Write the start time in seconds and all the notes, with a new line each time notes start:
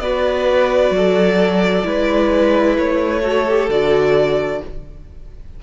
0.00 B3 F#4 B4 D5
0.91 F#3 A4
1.83 G#3 E4 B4
2.78 A3 C#5
3.22 F#4 A4
3.48 G4
3.69 D3 F#4 D5